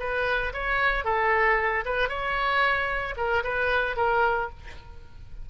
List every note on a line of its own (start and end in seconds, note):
0.00 0.53 B4
0.53 1.05 C#5
1.05 1.85 A4
1.85 2.09 B4
2.09 3.15 C#5
3.17 3.44 A#4
3.44 3.97 B4
3.97 4.50 A#4